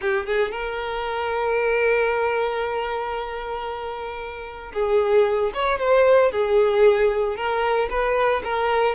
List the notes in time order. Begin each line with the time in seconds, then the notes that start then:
0.01 G4
0.25 G#4
0.51 A#4
4.73 G#4
5.54 C#5
5.79 C5
6.31 G#4
7.36 A#4
7.89 B4
8.43 A#4